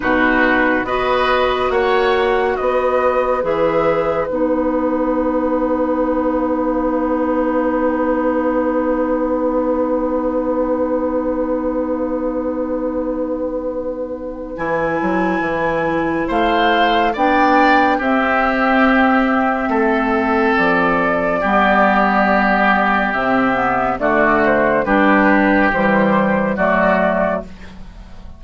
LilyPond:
<<
  \new Staff \with { instrumentName = "flute" } { \time 4/4 \tempo 4 = 70 b'4 dis''4 fis''4 dis''4 | e''4 fis''2.~ | fis''1~ | fis''1~ |
fis''4 gis''2 f''4 | g''4 e''2. | d''2. e''4 | d''8 c''8 b'4 c''4 d''4 | }
  \new Staff \with { instrumentName = "oboe" } { \time 4/4 fis'4 b'4 cis''4 b'4~ | b'1~ | b'1~ | b'1~ |
b'2. c''4 | d''4 g'2 a'4~ | a'4 g'2. | fis'4 g'2 fis'4 | }
  \new Staff \with { instrumentName = "clarinet" } { \time 4/4 dis'4 fis'2. | gis'4 dis'2.~ | dis'1~ | dis'1~ |
dis'4 e'2. | d'4 c'2.~ | c'4 b2 c'8 b8 | a4 d'4 g4 a4 | }
  \new Staff \with { instrumentName = "bassoon" } { \time 4/4 b,4 b4 ais4 b4 | e4 b2.~ | b1~ | b1~ |
b4 e8 fis8 e4 a4 | b4 c'2 a4 | f4 g2 c4 | d4 g4 e4 fis4 | }
>>